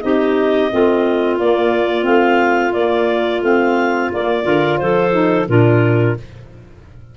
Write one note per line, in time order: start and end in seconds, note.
0.00 0.72 C4
0.00 0.70 D#4
0.00 0.72 G4
0.00 1.36 D#5
0.71 1.38 A3
0.71 1.39 C4
0.71 4.45 F4
1.38 2.06 A#3
1.38 2.02 A#3
1.38 2.05 D5
2.02 2.74 A3
2.02 2.71 C4
2.02 2.73 F5
2.73 3.42 A#3
2.73 3.44 A#3
2.73 3.41 D5
3.42 4.10 A3
3.42 4.12 C4
3.42 4.12 F5
4.13 4.45 A#3
4.13 4.43 A#3
4.13 4.78 D5
4.43 4.79 D3
4.43 5.11 F4
4.43 4.79 A#4
4.78 5.48 F3
4.78 5.49 A4
4.78 5.46 C5
5.12 5.46 D#4
5.48 6.16 A#2
5.48 6.16 D4
5.48 6.17 F4
5.48 6.17 A#4